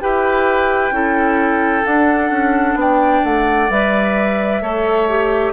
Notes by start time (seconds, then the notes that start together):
0.00 E4 G4 B4 G5
0.91 C#4 E4 A4
1.83 D4 F#5
2.30 C#4
2.74 B3 G5
2.81 D5
3.24 A3 F#5
3.69 G3 B4 E5
4.61 A3 A4 C#5
5.08 G4